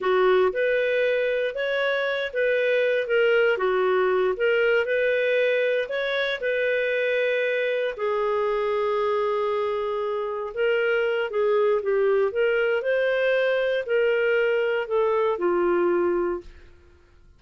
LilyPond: \new Staff \with { instrumentName = "clarinet" } { \time 4/4 \tempo 4 = 117 fis'4 b'2 cis''4~ | cis''8 b'4. ais'4 fis'4~ | fis'8 ais'4 b'2 cis''8~ | cis''8 b'2. gis'8~ |
gis'1~ | gis'8 ais'4. gis'4 g'4 | ais'4 c''2 ais'4~ | ais'4 a'4 f'2 | }